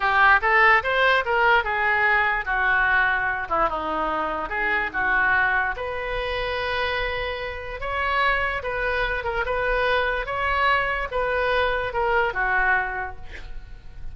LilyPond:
\new Staff \with { instrumentName = "oboe" } { \time 4/4 \tempo 4 = 146 g'4 a'4 c''4 ais'4 | gis'2 fis'2~ | fis'8 e'8 dis'2 gis'4 | fis'2 b'2~ |
b'2. cis''4~ | cis''4 b'4. ais'8 b'4~ | b'4 cis''2 b'4~ | b'4 ais'4 fis'2 | }